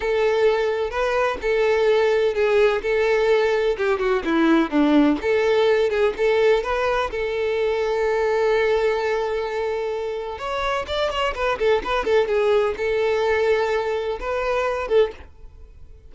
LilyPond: \new Staff \with { instrumentName = "violin" } { \time 4/4 \tempo 4 = 127 a'2 b'4 a'4~ | a'4 gis'4 a'2 | g'8 fis'8 e'4 d'4 a'4~ | a'8 gis'8 a'4 b'4 a'4~ |
a'1~ | a'2 cis''4 d''8 cis''8 | b'8 a'8 b'8 a'8 gis'4 a'4~ | a'2 b'4. a'8 | }